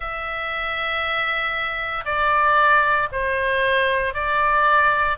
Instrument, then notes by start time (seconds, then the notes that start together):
oboe
0.00 E5
2.05 D5
3.11 C5
4.14 D5